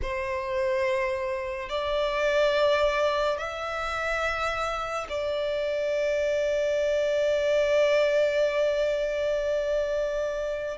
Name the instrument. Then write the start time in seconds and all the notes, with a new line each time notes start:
violin
0.02 C5
1.69 D5
3.38 E5
5.09 D5